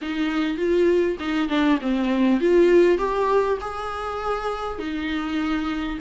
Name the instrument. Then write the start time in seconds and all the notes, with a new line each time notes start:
viola
0.01 D#4
0.57 F4
1.19 D#4
1.48 D4
1.81 C4
2.40 F4
2.98 G4
3.61 G#4
4.78 D#4